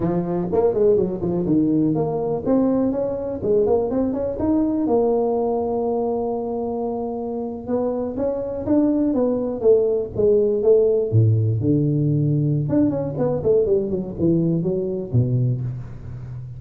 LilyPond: \new Staff \with { instrumentName = "tuba" } { \time 4/4 \tempo 4 = 123 f4 ais8 gis8 fis8 f8 dis4 | ais4 c'4 cis'4 gis8 ais8 | c'8 cis'8 dis'4 ais2~ | ais2.~ ais8. b16~ |
b8. cis'4 d'4 b4 a16~ | a8. gis4 a4 a,4 d16~ | d2 d'8 cis'8 b8 a8 | g8 fis8 e4 fis4 b,4 | }